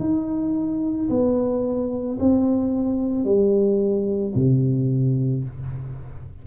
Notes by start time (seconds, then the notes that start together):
0.00 D#4
1.10 B3
2.20 C4
3.25 G3
4.35 C3